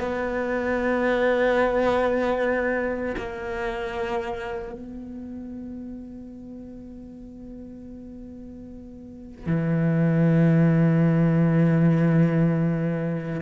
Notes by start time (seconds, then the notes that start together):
0.00 B3
3.17 A#3
4.73 B3
9.46 E3